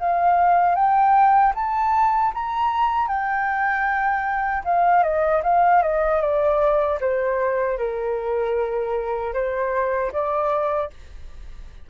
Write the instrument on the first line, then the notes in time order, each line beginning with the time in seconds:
flute
0.00 F5
0.76 G5
1.55 A5
2.35 A#5
3.08 G5
4.65 F5
5.04 D#5
5.44 F5
5.83 D#5
6.22 D5
7.01 C5
7.79 A#4
9.34 C5
10.13 D5